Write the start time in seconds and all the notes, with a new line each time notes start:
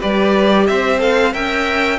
0.00 G3 G4 B4 D5
0.67 C4 C5 E5
0.99 A4 F5
1.34 C#4 A#4 E5 G5